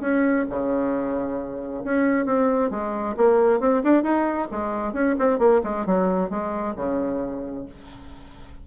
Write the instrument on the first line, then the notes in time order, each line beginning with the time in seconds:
bassoon
0.00 C#4
0.49 C#3
1.84 C#4
2.25 C4
2.70 G#3
3.16 A#3
3.60 C4
3.83 D4
4.03 D#4
4.51 G#3
4.93 C#4
5.18 C4
5.39 A#3
5.63 G#3
5.86 F#3
6.30 G#3
6.76 C#3